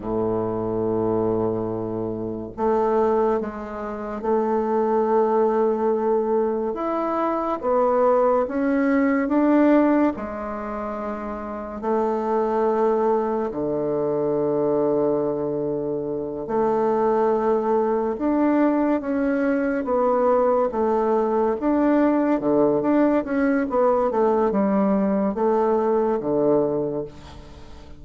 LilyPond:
\new Staff \with { instrumentName = "bassoon" } { \time 4/4 \tempo 4 = 71 a,2. a4 | gis4 a2. | e'4 b4 cis'4 d'4 | gis2 a2 |
d2.~ d8 a8~ | a4. d'4 cis'4 b8~ | b8 a4 d'4 d8 d'8 cis'8 | b8 a8 g4 a4 d4 | }